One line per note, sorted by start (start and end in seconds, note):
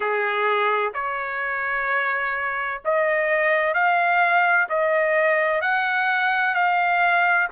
0.00 0.92 G#4
0.94 2.81 C#5
2.85 3.73 D#5
3.73 4.67 F5
4.69 5.61 D#5
5.61 6.54 F#5
6.54 7.48 F5